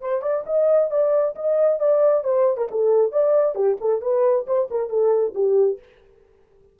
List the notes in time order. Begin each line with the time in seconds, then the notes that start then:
0.00 C5
0.21 D5
0.46 D#5
0.90 D5
1.35 D#5
1.79 D5
2.23 C5
2.57 A#4
2.71 A4
3.11 D5
3.55 G4
3.80 A4
4.01 B4
4.46 C5
4.70 A#4
4.89 A4
5.34 G4